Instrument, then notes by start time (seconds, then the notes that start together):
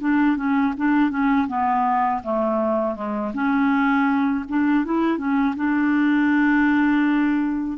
clarinet
0.00 D4
0.36 C#4
0.77 D4
1.10 C#4
1.47 B3
2.23 A3
2.95 G#3
3.33 C#4
4.48 D4
4.85 E4
5.18 C#4
5.56 D4